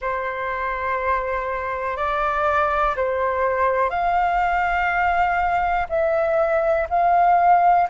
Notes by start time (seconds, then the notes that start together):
0.01 C5
1.97 D5
2.96 C5
3.90 F5
5.89 E5
6.89 F5